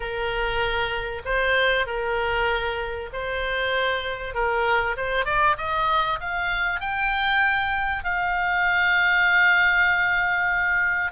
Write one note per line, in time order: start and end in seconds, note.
0.00 1.21 A#4
1.25 1.86 C5
1.86 3.10 A#4
3.12 4.34 C5
4.34 4.96 A#4
4.96 5.25 C5
5.25 5.56 D5
5.57 6.19 D#5
6.20 6.80 F5
6.80 8.04 G5
8.04 11.12 F5